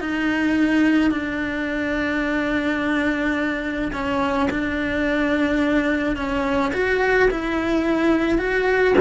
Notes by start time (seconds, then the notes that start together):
0.00 D#4
1.11 D4
3.93 C#4
4.50 D4
6.16 C#4
6.73 F#4
7.30 E4
8.38 F#4